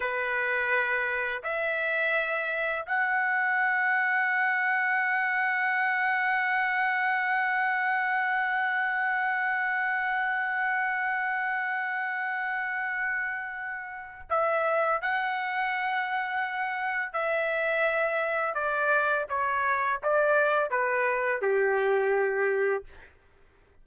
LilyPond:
\new Staff \with { instrumentName = "trumpet" } { \time 4/4 \tempo 4 = 84 b'2 e''2 | fis''1~ | fis''1~ | fis''1~ |
fis''1 | e''4 fis''2. | e''2 d''4 cis''4 | d''4 b'4 g'2 | }